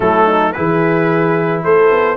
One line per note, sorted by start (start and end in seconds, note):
0.00 0.54 F#3
0.00 0.54 A3
0.00 0.25 E4
0.00 0.52 A4
0.25 0.52 D#4
0.52 1.64 E3
0.52 2.16 E4
0.52 1.64 G#4
0.52 1.61 B4
1.63 1.90 A3
1.63 2.16 A4
1.63 2.16 C5
1.90 2.16 B3